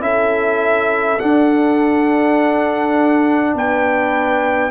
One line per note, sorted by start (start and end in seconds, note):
0.00 1.18 C#4
0.00 1.18 E4
0.00 3.55 A4
0.00 1.19 E5
1.18 4.71 D4
1.18 3.54 D4
1.18 3.54 F#5
3.54 4.71 B3
3.54 4.71 B4
3.54 4.71 G5